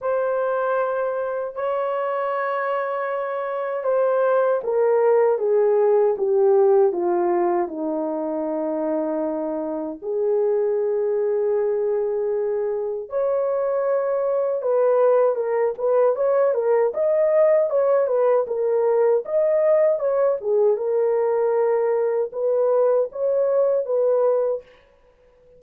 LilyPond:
\new Staff \with { instrumentName = "horn" } { \time 4/4 \tempo 4 = 78 c''2 cis''2~ | cis''4 c''4 ais'4 gis'4 | g'4 f'4 dis'2~ | dis'4 gis'2.~ |
gis'4 cis''2 b'4 | ais'8 b'8 cis''8 ais'8 dis''4 cis''8 b'8 | ais'4 dis''4 cis''8 gis'8 ais'4~ | ais'4 b'4 cis''4 b'4 | }